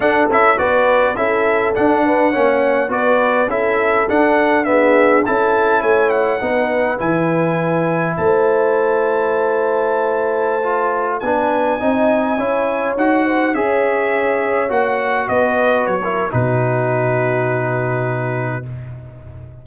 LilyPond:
<<
  \new Staff \with { instrumentName = "trumpet" } { \time 4/4 \tempo 4 = 103 fis''8 e''8 d''4 e''4 fis''4~ | fis''4 d''4 e''4 fis''4 | e''4 a''4 gis''8 fis''4. | gis''2 a''2~ |
a''2.~ a''16 gis''8.~ | gis''2~ gis''16 fis''4 e''8.~ | e''4~ e''16 fis''4 dis''4 cis''8. | b'1 | }
  \new Staff \with { instrumentName = "horn" } { \time 4/4 a'4 b'4 a'4. b'8 | cis''4 b'4 a'2 | gis'4 a'4 cis''4 b'4~ | b'2 c''2~ |
c''2.~ c''16 b'8.~ | b'16 dis''4 cis''4. c''8 cis''8.~ | cis''2~ cis''16 b'4~ b'16 ais'8 | fis'1 | }
  \new Staff \with { instrumentName = "trombone" } { \time 4/4 d'8 e'8 fis'4 e'4 d'4 | cis'4 fis'4 e'4 d'4 | b4 e'2 dis'4 | e'1~ |
e'2~ e'16 f'4 d'8.~ | d'16 dis'4 e'4 fis'4 gis'8.~ | gis'4~ gis'16 fis'2~ fis'16 e'8 | dis'1 | }
  \new Staff \with { instrumentName = "tuba" } { \time 4/4 d'8 cis'8 b4 cis'4 d'4 | ais4 b4 cis'4 d'4~ | d'4 cis'4 a4 b4 | e2 a2~ |
a2.~ a16 b8.~ | b16 c'4 cis'4 dis'4 cis'8.~ | cis'4~ cis'16 ais4 b4 fis8. | b,1 | }
>>